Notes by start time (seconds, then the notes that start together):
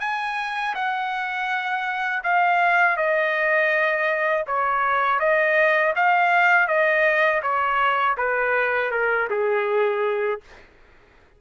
0.00 G#5
0.75 F#5
2.24 F5
2.97 D#5
4.47 C#5
5.20 D#5
5.96 F5
6.68 D#5
7.42 C#5
8.17 B4
8.91 A#4
9.30 G#4